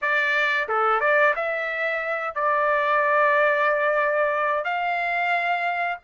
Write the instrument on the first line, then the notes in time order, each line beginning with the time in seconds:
trumpet
0.01 D5
0.68 A4
1.00 D5
1.35 E5
2.34 D5
4.64 F5